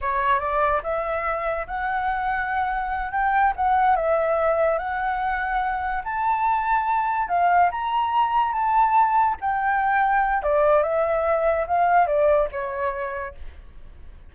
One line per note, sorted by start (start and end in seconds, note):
0.01 0.39 C#5
0.39 0.81 D5
0.83 1.66 E5
1.67 3.11 F#5
3.11 3.53 G5
3.55 3.95 F#5
3.95 4.78 E5
4.78 6.03 F#5
6.04 7.28 A5
7.28 7.70 F5
7.71 8.52 A#5
8.52 9.35 A5
9.40 10.42 G5
10.42 10.83 D5
10.83 11.66 E5
11.67 12.06 F5
12.06 12.48 D5
12.51 13.34 C#5